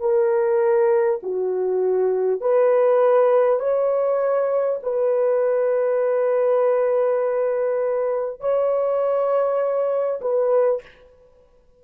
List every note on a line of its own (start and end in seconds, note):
0.00 1.20 A#4
1.23 2.41 F#4
2.41 3.59 B4
3.59 4.79 C#5
4.82 8.40 B4
8.40 10.20 C#5
10.21 10.81 B4